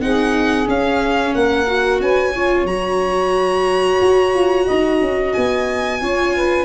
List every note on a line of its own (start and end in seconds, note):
0.00 0.67 C4
0.00 0.66 D#4
0.00 1.35 G#4
0.00 0.68 F#5
0.66 1.66 C#4
0.66 1.35 C#4
0.66 1.35 F5
1.35 2.00 A#3
1.35 2.01 A#4
1.35 2.01 F#5
1.67 2.34 F#4
2.00 2.65 C#4
2.00 2.34 B4
2.00 2.67 G#5
2.34 2.69 F4
2.34 4.67 C#5
2.65 3.98 F#3
2.65 6.01 F#4
2.65 5.33 A#5
4.02 4.35 F#4
4.35 4.68 F4
4.67 5.01 D#4
4.67 6.00 D#5
5.01 5.34 C#4
5.33 6.02 B3
5.33 6.66 G#5
6.01 6.66 C#4
6.01 6.66 F4
6.01 6.35 C#5
6.36 6.66 B4